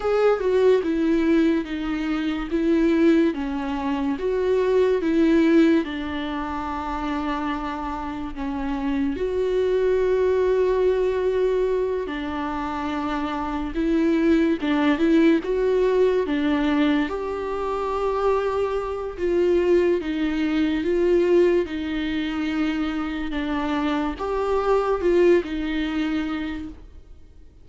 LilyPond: \new Staff \with { instrumentName = "viola" } { \time 4/4 \tempo 4 = 72 gis'8 fis'8 e'4 dis'4 e'4 | cis'4 fis'4 e'4 d'4~ | d'2 cis'4 fis'4~ | fis'2~ fis'8 d'4.~ |
d'8 e'4 d'8 e'8 fis'4 d'8~ | d'8 g'2~ g'8 f'4 | dis'4 f'4 dis'2 | d'4 g'4 f'8 dis'4. | }